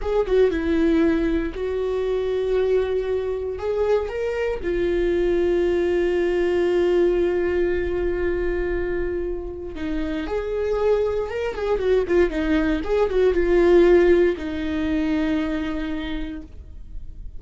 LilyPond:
\new Staff \with { instrumentName = "viola" } { \time 4/4 \tempo 4 = 117 gis'8 fis'8 e'2 fis'4~ | fis'2. gis'4 | ais'4 f'2.~ | f'1~ |
f'2. dis'4 | gis'2 ais'8 gis'8 fis'8 f'8 | dis'4 gis'8 fis'8 f'2 | dis'1 | }